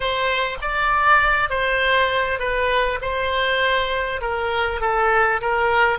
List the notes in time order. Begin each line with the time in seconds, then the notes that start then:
0.00 C5
0.61 D5
1.49 C5
2.39 B4
3.01 C5
4.21 A#4
4.80 A4
5.41 A#4